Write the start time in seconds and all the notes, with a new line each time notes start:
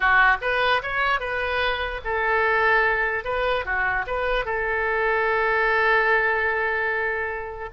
0.00 F#4
0.41 B4
0.82 C#5
1.20 B4
2.04 A4
3.24 B4
3.65 F#4
4.07 B4
4.45 A4